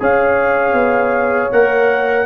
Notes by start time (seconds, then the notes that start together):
0.00 C#4 G#4 C#5 F5
0.73 B3
1.52 A#3 A#4 F#5